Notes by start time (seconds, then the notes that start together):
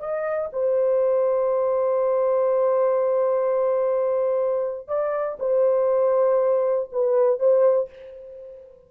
0.00 D#5
0.53 C5
4.88 D5
5.40 C5
6.92 B4
7.40 C5